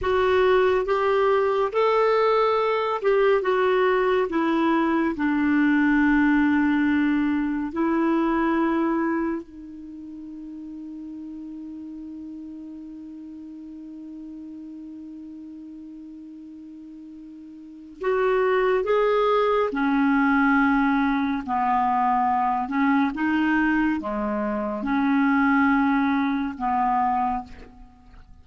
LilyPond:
\new Staff \with { instrumentName = "clarinet" } { \time 4/4 \tempo 4 = 70 fis'4 g'4 a'4. g'8 | fis'4 e'4 d'2~ | d'4 e'2 dis'4~ | dis'1~ |
dis'1~ | dis'4 fis'4 gis'4 cis'4~ | cis'4 b4. cis'8 dis'4 | gis4 cis'2 b4 | }